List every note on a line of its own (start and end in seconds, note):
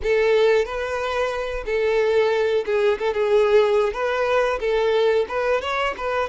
0.02 0.65 A4
0.65 1.64 B4
1.65 2.64 A4
2.65 2.98 G#4
2.98 3.13 A4
3.13 3.93 G#4
3.93 4.59 B4
4.60 5.26 A4
5.28 5.61 B4
5.61 5.94 C#5
5.97 6.29 B4